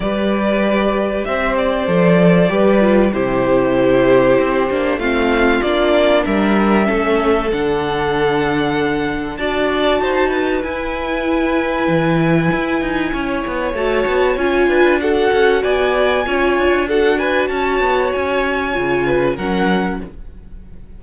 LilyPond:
<<
  \new Staff \with { instrumentName = "violin" } { \time 4/4 \tempo 4 = 96 d''2 e''8 d''4.~ | d''4 c''2. | f''4 d''4 e''2 | fis''2. a''4~ |
a''4 gis''2.~ | gis''2 a''4 gis''4 | fis''4 gis''2 fis''8 gis''8 | a''4 gis''2 fis''4 | }
  \new Staff \with { instrumentName = "violin" } { \time 4/4 b'2 c''2 | b'4 g'2. | f'2 ais'4 a'4~ | a'2. d''4 |
c''8 b'2.~ b'8~ | b'4 cis''2~ cis''8 b'8 | a'4 d''4 cis''4 a'8 b'8 | cis''2~ cis''8 b'8 ais'4 | }
  \new Staff \with { instrumentName = "viola" } { \time 4/4 g'2. a'4 | g'8 f'8 e'2~ e'8 d'8 | c'4 d'2 cis'4 | d'2. fis'4~ |
fis'4 e'2.~ | e'2 fis'4 f'4 | fis'2 f'4 fis'4~ | fis'2 f'4 cis'4 | }
  \new Staff \with { instrumentName = "cello" } { \time 4/4 g2 c'4 f4 | g4 c2 c'8 ais8 | a4 ais4 g4 a4 | d2. d'4 |
dis'4 e'2 e4 | e'8 dis'8 cis'8 b8 a8 b8 cis'8 d'8~ | d'8 cis'8 b4 cis'8 d'4. | cis'8 b8 cis'4 cis4 fis4 | }
>>